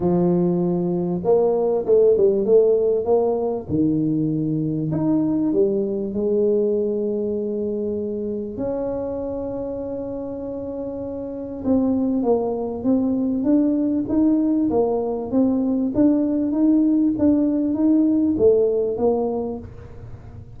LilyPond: \new Staff \with { instrumentName = "tuba" } { \time 4/4 \tempo 4 = 98 f2 ais4 a8 g8 | a4 ais4 dis2 | dis'4 g4 gis2~ | gis2 cis'2~ |
cis'2. c'4 | ais4 c'4 d'4 dis'4 | ais4 c'4 d'4 dis'4 | d'4 dis'4 a4 ais4 | }